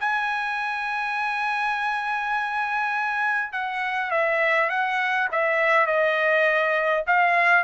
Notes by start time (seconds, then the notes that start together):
0.00 G#5
3.52 F#5
4.10 E5
4.69 F#5
5.31 E5
5.86 D#5
7.07 F5